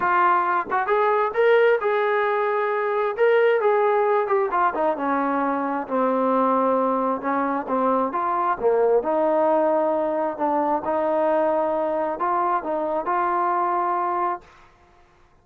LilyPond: \new Staff \with { instrumentName = "trombone" } { \time 4/4 \tempo 4 = 133 f'4. fis'8 gis'4 ais'4 | gis'2. ais'4 | gis'4. g'8 f'8 dis'8 cis'4~ | cis'4 c'2. |
cis'4 c'4 f'4 ais4 | dis'2. d'4 | dis'2. f'4 | dis'4 f'2. | }